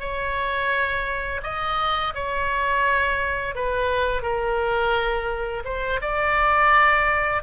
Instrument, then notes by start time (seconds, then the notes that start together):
oboe
0.00 C#5
1.43 D#5
2.15 C#5
3.55 B4
4.23 A#4
5.65 C5
6.01 D5